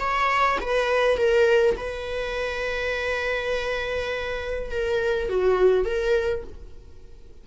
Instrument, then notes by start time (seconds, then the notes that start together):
viola
0.00 C#5
0.61 B4
1.17 A#4
1.77 B4
4.71 A#4
5.29 F#4
5.85 A#4